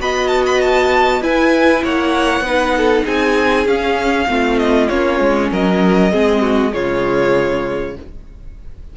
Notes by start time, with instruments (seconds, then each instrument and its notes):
0.00 cello B3, viola F#4, violin D#5 B5
0.28 violin A5
0.46 violin B5
0.61 violin A5
1.21 cello E4, viola E4, violin B4 G#5
1.84 cello A#3, violin C#5 F#5
2.41 cello B3, viola D#4, violin B4
2.78 violin A4
3.05 cello C4, violin G#4 G#5
3.66 viola C#4, cello C#4, violin F5
4.28 cello A3, viola C4, violin F4
4.59 violin D#5
4.89 cello A#3, viola C#4, violin C#5
5.20 cello G#3
5.51 cello F#3, violin A#4 D#5
6.12 cello G#3, viola C4, violin G#4
6.42 violin F#4
6.72 cello C#3, viola G#3, violin F4 C#5